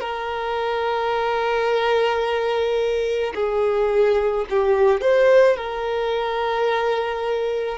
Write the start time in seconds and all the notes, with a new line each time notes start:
0.00 A#4
3.34 G#4
4.50 G4
5.01 C5
5.57 A#4